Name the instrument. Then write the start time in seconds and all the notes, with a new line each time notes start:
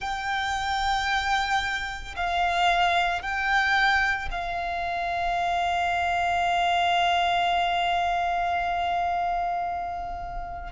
violin
0.00 G5
2.16 F5
3.21 G5
4.31 F5